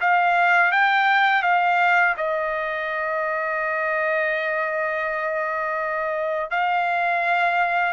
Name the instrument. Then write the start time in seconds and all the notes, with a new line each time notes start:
trumpet
0.00 F5
0.71 G5
1.42 F5
2.17 D#5
6.50 F5